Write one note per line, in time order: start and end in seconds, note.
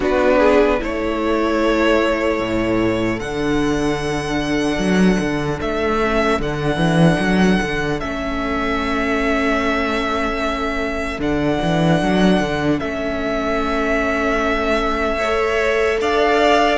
0.00 0.80 B3
0.00 0.80 D4
0.00 0.38 F#4
0.00 0.83 B4
0.38 0.78 G#4
0.80 2.39 A3
0.80 3.20 E4
0.80 15.18 A4
0.80 3.19 C#5
2.39 3.19 A2
3.19 4.78 D3
3.19 6.01 D4
3.19 5.59 F#5
4.78 5.18 F#3
5.20 5.60 D3
5.61 6.39 A3
5.61 6.41 E5
6.01 6.40 C#4
6.39 6.76 D3
6.39 8.00 D4
6.39 8.00 F#5
6.76 7.16 E3
7.19 7.59 F#3
7.62 8.02 D3
8.00 11.18 A3
8.00 11.20 C#4
8.00 11.20 E5
11.18 11.58 D3
11.18 12.79 D4
11.18 12.79 F#5
11.62 12.01 E3
12.01 12.40 F#3
12.40 12.80 D3
12.79 16.00 A3
12.79 15.19 C#4
12.79 15.99 E5
15.18 16.77 A4
15.18 15.98 C#5
16.00 16.77 D4
16.00 16.77 D5
16.00 16.77 F5